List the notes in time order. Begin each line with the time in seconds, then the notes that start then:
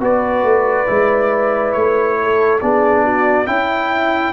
0.00 B3 F#4 B4 D5
0.43 A3
0.87 G#3 E4
1.72 A3 C#5
2.22 A4
2.61 B3 D4 G#4 D5
3.04 F#4
3.46 C#4 E4 G5